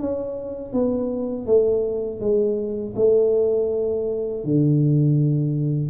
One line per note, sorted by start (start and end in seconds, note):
0.00 0.73 C#4
0.73 1.46 B3
1.46 2.21 A3
2.21 2.95 G#3
2.96 4.44 A3
4.44 5.90 D3